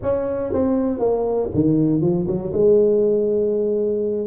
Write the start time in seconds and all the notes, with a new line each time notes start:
0.02 C#4
0.52 C4
0.99 A#3
1.54 D#3
2.01 F3
2.27 F#3
2.52 G#3